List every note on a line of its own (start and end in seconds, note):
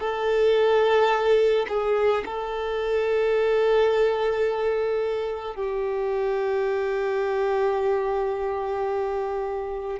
0.00 1.67 A4
1.68 2.24 G#4
2.25 5.55 A4
5.55 9.99 G4